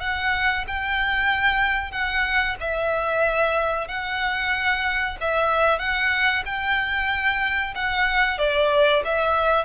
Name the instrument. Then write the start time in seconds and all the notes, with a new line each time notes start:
violin
0.00 F#5
0.67 G5
1.91 F#5
2.60 E5
3.87 F#5
5.20 E5
5.79 F#5
6.45 G5
7.74 F#5
8.38 D5
9.04 E5